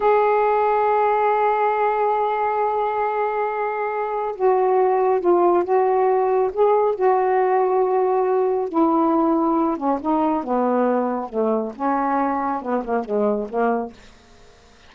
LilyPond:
\new Staff \with { instrumentName = "saxophone" } { \time 4/4 \tempo 4 = 138 gis'1~ | gis'1~ | gis'2 fis'2 | f'4 fis'2 gis'4 |
fis'1 | e'2~ e'8 cis'8 dis'4 | b2 a4 cis'4~ | cis'4 b8 ais8 gis4 ais4 | }